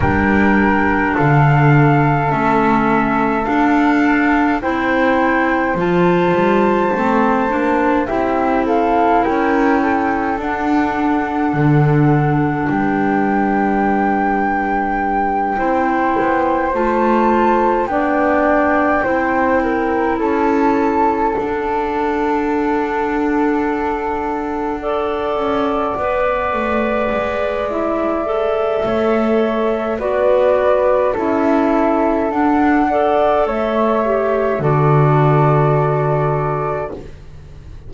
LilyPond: <<
  \new Staff \with { instrumentName = "flute" } { \time 4/4 \tempo 4 = 52 g''4 f''4 e''4 f''4 | g''4 a''2 e''8 f''8 | g''4 fis''2 g''4~ | g''2~ g''8 a''4 g''8~ |
g''4. a''4 fis''4.~ | fis''1 | e''2 d''4 e''4 | fis''4 e''4 d''2 | }
  \new Staff \with { instrumentName = "flute" } { \time 4/4 ais'4 a'2. | c''2. g'8 a'8 | ais'8 a'2~ a'8 b'4~ | b'4. c''2 d''8~ |
d''8 c''8 ais'8 a'2~ a'8~ | a'4. d''2~ d''8~ | d''4 cis''4 b'4 a'4~ | a'8 d''8 cis''4 a'2 | }
  \new Staff \with { instrumentName = "clarinet" } { \time 4/4 d'2 cis'4 d'4 | e'4 f'4 c'8 d'8 e'4~ | e'4 d'2.~ | d'4. e'4 f'4 d'8~ |
d'8 e'2 d'4.~ | d'4. a'4 b'4. | e'8 a'4. fis'4 e'4 | d'8 a'4 g'8 fis'2 | }
  \new Staff \with { instrumentName = "double bass" } { \time 4/4 g4 d4 a4 d'4 | c'4 f8 g8 a8 ais8 c'4 | cis'4 d'4 d4 g4~ | g4. c'8 b8 a4 b8~ |
b8 c'4 cis'4 d'4.~ | d'2 cis'8 b8 a8 gis8~ | gis4 a4 b4 cis'4 | d'4 a4 d2 | }
>>